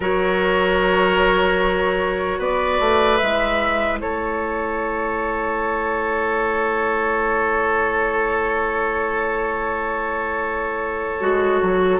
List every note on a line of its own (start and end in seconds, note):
0.00 2.39 F#3
0.00 3.19 F#4
0.00 2.39 A#4
0.00 2.41 C#5
2.39 2.79 B3
2.39 3.99 B4
2.39 3.17 D5
2.79 3.19 A3
3.17 4.00 G#3
3.17 11.19 E4
3.17 3.97 E5
4.00 11.21 A3
4.00 11.99 A4
4.00 11.99 C#5
11.20 11.61 G#3
11.20 11.99 F#4
11.62 11.99 F#3